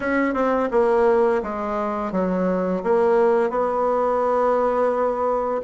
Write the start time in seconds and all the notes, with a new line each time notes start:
0.00 C#4
0.34 C4
0.71 A#3
1.42 G#3
2.12 F#3
2.83 A#3
3.49 B3